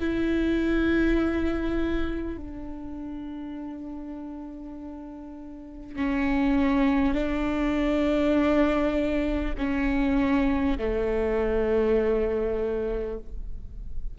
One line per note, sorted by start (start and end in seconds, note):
0.00 2.37 E4
2.37 5.96 D4
5.96 7.14 C#4
7.14 9.54 D4
9.58 10.78 C#4
10.78 13.18 A3